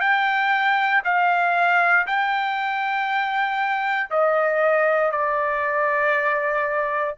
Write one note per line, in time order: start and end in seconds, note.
0.00 1.02 G5
1.04 2.06 F5
2.06 4.10 G5
4.10 5.11 D#5
5.11 7.15 D5